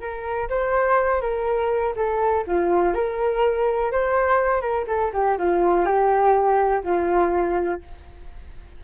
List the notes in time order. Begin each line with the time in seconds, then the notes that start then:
0.00 A#4
0.49 C5
1.21 A#4
1.96 A4
2.47 F4
2.94 A#4
3.92 C5
4.61 A#4
4.87 A4
5.13 G4
5.38 F4
5.85 G4
6.84 F4